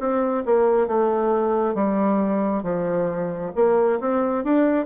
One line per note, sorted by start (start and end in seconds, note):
0.00 0.44 C4
0.46 0.88 A#3
0.88 1.75 A3
1.75 2.64 G3
2.64 3.52 F3
3.56 4.00 A#3
4.01 4.45 C4
4.45 4.86 D4